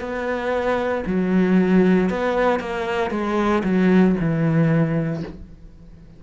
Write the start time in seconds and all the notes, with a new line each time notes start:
0.00 B3
1.06 F#3
2.10 B3
2.60 A#3
3.10 G#3
3.64 F#3
4.19 E3